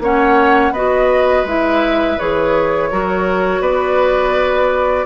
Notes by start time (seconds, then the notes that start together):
0.00 A#3 C#4 C#5 F#5
0.72 B3 F#4 B4 D#5
1.45 G#3 E4 E5
2.19 E3 G#4 C#5
2.91 F#3 F#4 A#4
3.61 B3 B4 D5